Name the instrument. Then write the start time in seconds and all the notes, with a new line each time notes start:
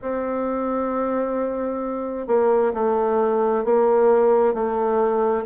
bassoon
0.01 C4
2.27 A#3
2.73 A3
3.64 A#3
4.54 A3